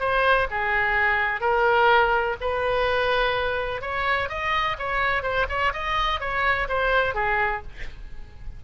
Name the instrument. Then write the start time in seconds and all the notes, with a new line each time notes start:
oboe
0.00 C5
0.51 G#4
1.41 A#4
2.41 B4
3.82 C#5
4.29 D#5
4.79 C#5
5.23 C5
5.49 C#5
5.73 D#5
6.21 C#5
6.69 C5
7.15 G#4